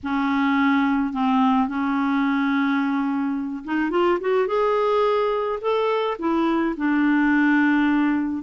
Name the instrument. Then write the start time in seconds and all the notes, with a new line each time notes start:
clarinet
0.03 C#4
1.13 C4
1.67 C#4
3.64 D#4
3.90 F4
4.20 F#4
4.47 G#4
5.61 A4
6.19 E4
6.76 D4